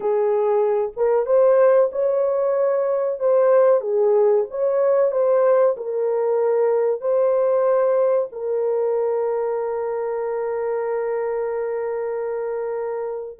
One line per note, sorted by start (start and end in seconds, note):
0.00 0.92 G#4
0.96 1.26 A#4
1.26 1.90 C5
1.92 3.19 C#5
3.19 3.81 C5
3.81 4.44 G#4
4.50 5.11 C#5
5.11 5.75 C5
5.76 7.00 A#4
7.00 8.28 C5
8.32 13.39 A#4